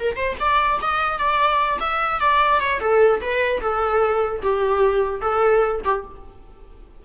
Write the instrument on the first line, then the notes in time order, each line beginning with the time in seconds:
viola
0.00 A#4
0.17 C5
0.40 D5
0.82 D#5
1.19 D5
1.81 E5
2.21 D5
2.61 C#5
2.81 A4
3.22 B4
3.61 A4
4.43 G4
5.21 A4
5.85 G4